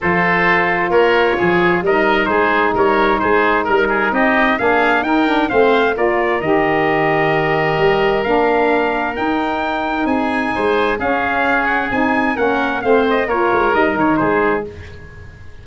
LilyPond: <<
  \new Staff \with { instrumentName = "trumpet" } { \time 4/4 \tempo 4 = 131 c''2 cis''2 | dis''4 c''4 cis''4 c''4 | ais'4 dis''4 f''4 g''4 | f''4 d''4 dis''2~ |
dis''2 f''2 | g''2 gis''2 | f''4. fis''8 gis''4 fis''4 | f''8 dis''8 cis''4 dis''8 cis''8 c''4 | }
  \new Staff \with { instrumentName = "oboe" } { \time 4/4 a'2 ais'4 gis'4 | ais'4 gis'4 ais'4 gis'4 | ais'8 gis'8 g'4 gis'4 ais'4 | c''4 ais'2.~ |
ais'1~ | ais'2 gis'4 c''4 | gis'2. ais'4 | c''4 ais'2 gis'4 | }
  \new Staff \with { instrumentName = "saxophone" } { \time 4/4 f'1 | dis'1~ | dis'2 d'4 dis'8 d'8 | c'4 f'4 g'2~ |
g'2 d'2 | dis'1 | cis'2 dis'4 cis'4 | c'4 f'4 dis'2 | }
  \new Staff \with { instrumentName = "tuba" } { \time 4/4 f2 ais4 f4 | g4 gis4 g4 gis4 | g4 c'4 ais4 dis'4 | a4 ais4 dis2~ |
dis4 g4 ais2 | dis'2 c'4 gis4 | cis'2 c'4 ais4 | a4 ais8 gis8 g8 dis8 gis4 | }
>>